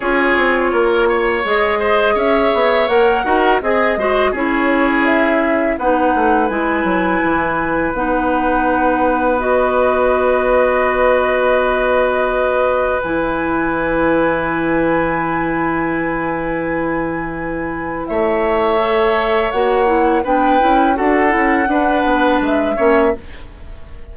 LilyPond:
<<
  \new Staff \with { instrumentName = "flute" } { \time 4/4 \tempo 4 = 83 cis''2 dis''4 e''4 | fis''4 dis''4 cis''4 e''4 | fis''4 gis''2 fis''4~ | fis''4 dis''2.~ |
dis''2 gis''2~ | gis''1~ | gis''4 e''2 fis''4 | g''4 fis''2 e''4 | }
  \new Staff \with { instrumentName = "oboe" } { \time 4/4 gis'4 ais'8 cis''4 c''8 cis''4~ | cis''8 ais'8 gis'8 c''8 gis'2 | b'1~ | b'1~ |
b'1~ | b'1~ | b'4 cis''2. | b'4 a'4 b'4. cis''8 | }
  \new Staff \with { instrumentName = "clarinet" } { \time 4/4 f'2 gis'2 | ais'8 fis'8 gis'8 fis'8 e'2 | dis'4 e'2 dis'4~ | dis'4 fis'2.~ |
fis'2 e'2~ | e'1~ | e'2 a'4 fis'8 e'8 | d'8 e'8 fis'8 e'8 d'4. cis'8 | }
  \new Staff \with { instrumentName = "bassoon" } { \time 4/4 cis'8 c'8 ais4 gis4 cis'8 b8 | ais8 dis'8 c'8 gis8 cis'2 | b8 a8 gis8 fis8 e4 b4~ | b1~ |
b2 e2~ | e1~ | e4 a2 ais4 | b8 cis'8 d'8 cis'8 d'8 b8 gis8 ais8 | }
>>